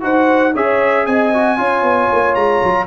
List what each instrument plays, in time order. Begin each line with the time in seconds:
0.00 tuba D#4, trombone F#4, horn C5, trumpet F#5
0.54 tuba C#4, trombone G#4, horn C#5, trumpet E5
1.06 tuba C4, horn D#5, trumpet G#5
1.33 trombone F#4
1.57 tuba C#4, trombone F4, horn C#5
1.82 tuba B3
2.12 tuba A#3
2.34 tuba G#3, trumpet A#5
2.62 tuba F#3